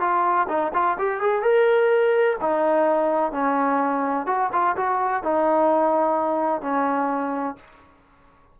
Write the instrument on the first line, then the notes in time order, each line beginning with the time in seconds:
trombone
0.00 F4
0.49 D#4
0.74 F4
0.98 G4
1.21 G#4
1.43 A#4
2.41 D#4
3.32 C#4
4.26 F#4
4.52 F4
4.77 F#4
5.23 D#4
6.61 C#4